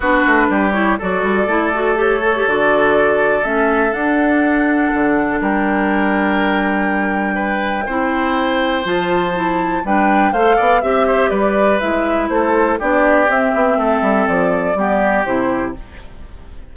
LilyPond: <<
  \new Staff \with { instrumentName = "flute" } { \time 4/4 \tempo 4 = 122 b'4. cis''8 d''2 | cis''4 d''2 e''4 | fis''2. g''4~ | g''1~ |
g''2 a''2 | g''4 f''4 e''4 d''4 | e''4 c''4 d''4 e''4~ | e''4 d''2 c''4 | }
  \new Staff \with { instrumentName = "oboe" } { \time 4/4 fis'4 g'4 a'2~ | a'1~ | a'2. ais'4~ | ais'2. b'4 |
c''1 | b'4 c''8 d''8 e''8 c''8 b'4~ | b'4 a'4 g'2 | a'2 g'2 | }
  \new Staff \with { instrumentName = "clarinet" } { \time 4/4 d'4. e'8 fis'4 e'8 fis'8 | g'8 a'16 g'16 fis'2 cis'4 | d'1~ | d'1 |
e'2 f'4 e'4 | d'4 a'4 g'2 | e'2 d'4 c'4~ | c'2 b4 e'4 | }
  \new Staff \with { instrumentName = "bassoon" } { \time 4/4 b8 a8 g4 fis8 g8 a4~ | a4 d2 a4 | d'2 d4 g4~ | g1 |
c'2 f2 | g4 a8 b8 c'4 g4 | gis4 a4 b4 c'8 b8 | a8 g8 f4 g4 c4 | }
>>